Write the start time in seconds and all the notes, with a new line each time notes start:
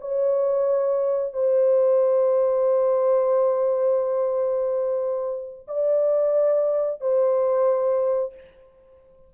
0.00 C#5
1.33 C5
5.67 D5
7.00 C5